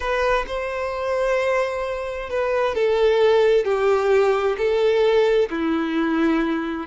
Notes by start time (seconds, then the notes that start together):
0.00 B4
0.47 C5
2.29 B4
2.74 A4
3.64 G4
4.57 A4
5.50 E4